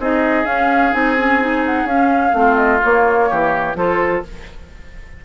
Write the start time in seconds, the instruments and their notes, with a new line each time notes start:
0.00 bassoon C4, clarinet D#4, oboe G#4, flute D#5
0.45 bassoon C#4, clarinet C#4, flute F5
0.93 bassoon C4, clarinet D#4, flute G#5
1.18 clarinet C#4
1.41 clarinet D#4
1.66 flute F#5
1.85 bassoon C#4, flute F5
1.91 clarinet C#4
2.32 bassoon A3, clarinet C4, oboe F4
2.57 flute D#5
2.83 clarinet A#3, bassoon A#3, flute C#5
3.30 bassoon E3, oboe G4
3.75 bassoon F3, clarinet F4, oboe A4, flute C5